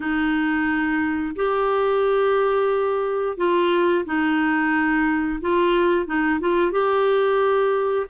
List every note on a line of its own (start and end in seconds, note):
0.00 1.35 D#4
1.35 3.37 G4
3.37 4.04 F4
4.05 5.40 D#4
5.41 6.06 F4
6.06 6.39 D#4
6.40 6.71 F4
6.71 8.06 G4